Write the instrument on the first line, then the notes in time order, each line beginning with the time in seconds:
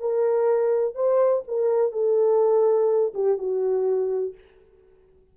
horn
0.00 A#4
0.95 C5
1.48 A#4
1.92 A4
3.14 G4
3.38 F#4